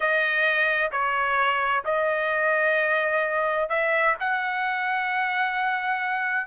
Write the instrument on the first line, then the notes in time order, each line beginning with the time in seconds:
trumpet
0.00 D#5
0.91 C#5
1.84 D#5
3.69 E5
4.19 F#5